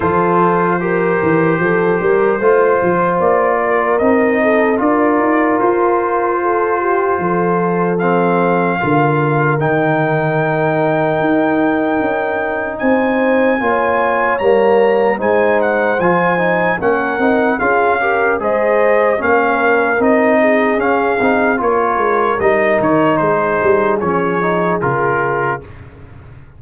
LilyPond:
<<
  \new Staff \with { instrumentName = "trumpet" } { \time 4/4 \tempo 4 = 75 c''1 | d''4 dis''4 d''4 c''4~ | c''2 f''2 | g''1 |
gis''2 ais''4 gis''8 fis''8 | gis''4 fis''4 f''4 dis''4 | f''4 dis''4 f''4 cis''4 | dis''8 cis''8 c''4 cis''4 ais'4 | }
  \new Staff \with { instrumentName = "horn" } { \time 4/4 a'4 ais'4 a'8 ais'8 c''4~ | c''8 ais'4 a'8 ais'2 | a'8 g'8 a'2 ais'4~ | ais'1 |
c''4 cis''2 c''4~ | c''4 ais'4 gis'8 ais'8 c''4 | ais'4. gis'4. ais'4~ | ais'4 gis'2. | }
  \new Staff \with { instrumentName = "trombone" } { \time 4/4 f'4 g'2 f'4~ | f'4 dis'4 f'2~ | f'2 c'4 f'4 | dis'1~ |
dis'4 f'4 ais4 dis'4 | f'8 dis'8 cis'8 dis'8 f'8 g'8 gis'4 | cis'4 dis'4 cis'8 dis'8 f'4 | dis'2 cis'8 dis'8 f'4 | }
  \new Staff \with { instrumentName = "tuba" } { \time 4/4 f4. e8 f8 g8 a8 f8 | ais4 c'4 d'8 dis'8 f'4~ | f'4 f2 d4 | dis2 dis'4 cis'4 |
c'4 ais4 g4 gis4 | f4 ais8 c'8 cis'4 gis4 | ais4 c'4 cis'8 c'8 ais8 gis8 | g8 dis8 gis8 g8 f4 cis4 | }
>>